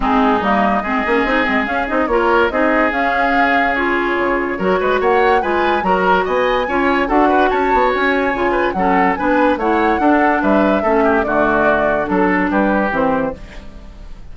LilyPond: <<
  \new Staff \with { instrumentName = "flute" } { \time 4/4 \tempo 4 = 144 gis'4 dis''2. | f''8 dis''8 cis''4 dis''4 f''4~ | f''4 cis''2. | fis''4 gis''4 ais''4 gis''4~ |
gis''4 fis''4 a''4 gis''4~ | gis''4 fis''4 gis''4 fis''4~ | fis''4 e''2 d''4~ | d''4 a'4 b'4 c''4 | }
  \new Staff \with { instrumentName = "oboe" } { \time 4/4 dis'2 gis'2~ | gis'4 ais'4 gis'2~ | gis'2. ais'8 b'8 | cis''4 b'4 ais'4 dis''4 |
cis''4 a'8 b'8 cis''2~ | cis''8 b'8 a'4 b'4 cis''4 | a'4 b'4 a'8 g'8 fis'4~ | fis'4 a'4 g'2 | }
  \new Staff \with { instrumentName = "clarinet" } { \time 4/4 c'4 ais4 c'8 cis'8 dis'8 c'8 | cis'8 dis'8 f'4 dis'4 cis'4~ | cis'4 f'2 fis'4~ | fis'4 f'4 fis'2 |
f'4 fis'2. | f'4 cis'4 d'4 e'4 | d'2 cis'4 a4~ | a4 d'2 c'4 | }
  \new Staff \with { instrumentName = "bassoon" } { \time 4/4 gis4 g4 gis8 ais8 c'8 gis8 | cis'8 c'8 ais4 c'4 cis'4~ | cis'2 cis4 fis8 gis8 | ais4 gis4 fis4 b4 |
cis'4 d'4 cis'8 b8 cis'4 | cis4 fis4 b4 a4 | d'4 g4 a4 d4~ | d4 fis4 g4 e4 | }
>>